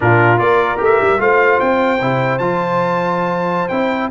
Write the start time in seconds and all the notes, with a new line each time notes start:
0.00 A#2 D4 F4 A#4
0.37 A#3 F4 A#4 D5
0.77 A3 G4
0.84 E5
1.00 G3
1.18 A3 F4 C5 F5
1.60 C4 G5
2.00 C3 E4
2.38 F3 F4 A5
3.68 C4 E4 G5